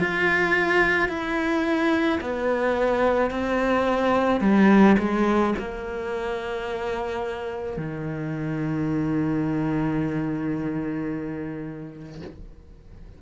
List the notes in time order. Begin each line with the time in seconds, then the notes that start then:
0.00 F4
1.09 E4
2.21 B3
3.31 C4
4.41 G3
4.99 G#3
5.59 A#3
7.77 D#3